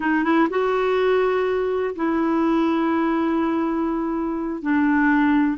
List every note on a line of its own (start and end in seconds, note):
0.00 0.24 D#4
0.24 0.48 E4
0.50 1.95 F#4
1.95 4.61 E4
4.62 5.57 D4